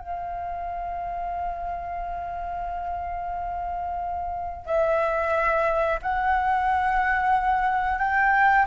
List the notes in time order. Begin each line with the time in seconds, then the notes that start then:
0.00 F5
4.66 E5
6.03 F#5
7.99 G5